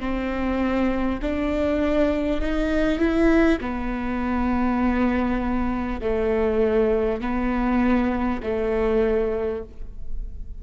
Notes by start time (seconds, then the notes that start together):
0.00 C4
1.22 D4
2.41 D#4
2.99 E4
3.61 B3
6.01 A3
7.22 B3
8.43 A3